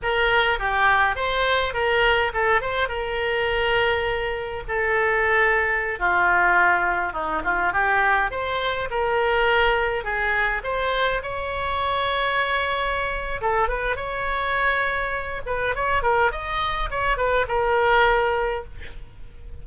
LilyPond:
\new Staff \with { instrumentName = "oboe" } { \time 4/4 \tempo 4 = 103 ais'4 g'4 c''4 ais'4 | a'8 c''8 ais'2. | a'2~ a'16 f'4.~ f'16~ | f'16 dis'8 f'8 g'4 c''4 ais'8.~ |
ais'4~ ais'16 gis'4 c''4 cis''8.~ | cis''2. a'8 b'8 | cis''2~ cis''8 b'8 cis''8 ais'8 | dis''4 cis''8 b'8 ais'2 | }